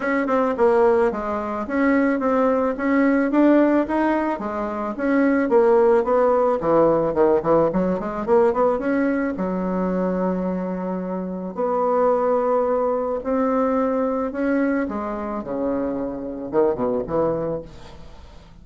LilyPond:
\new Staff \with { instrumentName = "bassoon" } { \time 4/4 \tempo 4 = 109 cis'8 c'8 ais4 gis4 cis'4 | c'4 cis'4 d'4 dis'4 | gis4 cis'4 ais4 b4 | e4 dis8 e8 fis8 gis8 ais8 b8 |
cis'4 fis2.~ | fis4 b2. | c'2 cis'4 gis4 | cis2 dis8 b,8 e4 | }